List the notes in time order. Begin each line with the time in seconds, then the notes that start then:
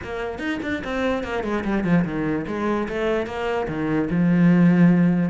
0.03 A#3
0.38 D#4
0.62 D4
0.84 C4
1.23 A#3
1.43 G#3
1.64 G3
1.84 F3
2.04 D#3
2.47 G#3
2.88 A3
3.26 A#3
3.68 D#3
4.10 F3